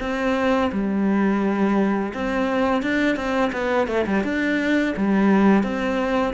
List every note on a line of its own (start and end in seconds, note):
0.00 0.71 C4
0.72 2.13 G3
2.14 2.82 C4
2.82 3.16 D4
3.16 3.51 C4
3.53 3.88 B3
3.88 4.06 A3
4.07 4.24 G3
4.24 4.94 D4
4.97 5.63 G3
5.63 6.34 C4